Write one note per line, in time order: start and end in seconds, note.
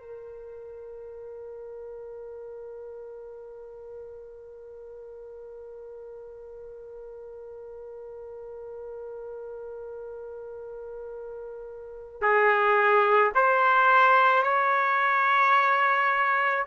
0.00 12.21 A#4
12.21 13.32 G#4
13.34 14.43 C5
14.43 16.65 C#5